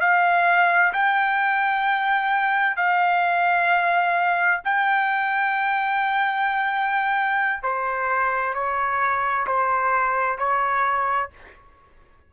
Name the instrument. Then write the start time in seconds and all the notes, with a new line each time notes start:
trumpet
0.00 F5
0.93 G5
2.76 F5
4.64 G5
7.62 C5
8.54 C#5
9.47 C5
10.38 C#5